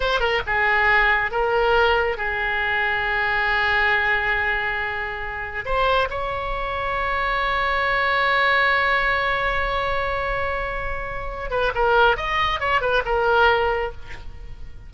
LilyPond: \new Staff \with { instrumentName = "oboe" } { \time 4/4 \tempo 4 = 138 c''8 ais'8 gis'2 ais'4~ | ais'4 gis'2.~ | gis'1~ | gis'4 c''4 cis''2~ |
cis''1~ | cis''1~ | cis''2~ cis''8 b'8 ais'4 | dis''4 cis''8 b'8 ais'2 | }